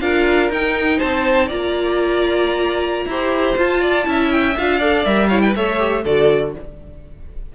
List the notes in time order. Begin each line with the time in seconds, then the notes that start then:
0.00 D4 F4 A#4 F5
0.50 D#4 G5
0.98 C4 C5 A5
1.46 A#3 F4 D5 A#5
3.05 E4 G4 C5
3.57 F4 A5
3.81 D5
4.04 C#4 E4 E5
4.31 G5
4.58 D4 F4 F5
4.78 A4 D5
5.05 G3 A#4 E5
5.28 E4 C#5 F5
5.41 B4 G5
5.55 A3 A4 C#5 E5
5.78 G4
6.03 D3 F#4 A4 D5